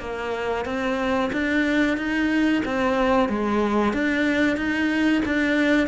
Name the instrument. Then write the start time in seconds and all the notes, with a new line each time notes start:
cello
0.00 A#3
0.65 C4
1.32 D4
1.97 D#4
2.65 C4
3.29 G#3
3.93 D4
4.57 D#4
5.25 D4